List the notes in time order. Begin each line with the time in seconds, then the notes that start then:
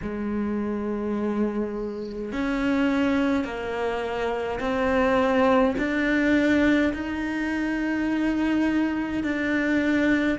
0.02 G#3
2.32 C#4
3.44 A#3
4.59 C4
5.77 D4
6.93 D#4
9.23 D4